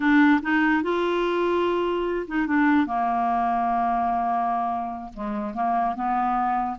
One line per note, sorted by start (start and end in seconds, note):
0.00 0.40 D4
0.42 0.82 D#4
0.82 2.26 F4
2.27 2.46 D#4
2.46 2.86 D4
2.86 5.12 A#3
5.13 5.54 G#3
5.54 5.95 A#3
5.95 6.77 B3